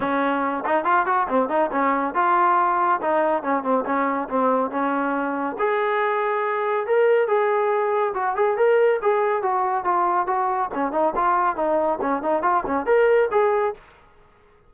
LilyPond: \new Staff \with { instrumentName = "trombone" } { \time 4/4 \tempo 4 = 140 cis'4. dis'8 f'8 fis'8 c'8 dis'8 | cis'4 f'2 dis'4 | cis'8 c'8 cis'4 c'4 cis'4~ | cis'4 gis'2. |
ais'4 gis'2 fis'8 gis'8 | ais'4 gis'4 fis'4 f'4 | fis'4 cis'8 dis'8 f'4 dis'4 | cis'8 dis'8 f'8 cis'8 ais'4 gis'4 | }